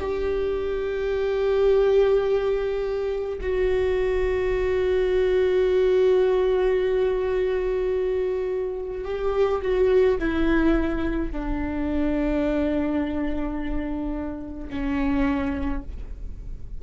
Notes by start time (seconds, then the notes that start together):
0.00 G4
3.41 F#4
9.05 G4
9.62 F#4
10.19 E4
11.32 D4
14.70 C#4